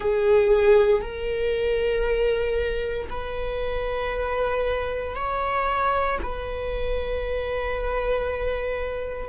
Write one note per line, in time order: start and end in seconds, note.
0.00 1.01 G#4
1.01 3.08 A#4
3.09 5.15 B4
5.15 6.18 C#5
6.22 9.28 B4